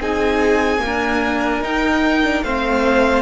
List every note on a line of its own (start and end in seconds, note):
0.00 0.81 C4
0.00 0.78 D#4
0.00 0.82 G#4
0.00 1.63 G#5
0.78 1.59 A#3
0.85 1.64 D4
0.85 2.44 A#4
1.61 2.22 D#4
1.61 2.42 D#4
1.61 2.43 G5
2.23 2.44 D4
2.42 3.22 A3
2.42 3.22 C4
2.42 3.22 C5
2.42 3.22 F5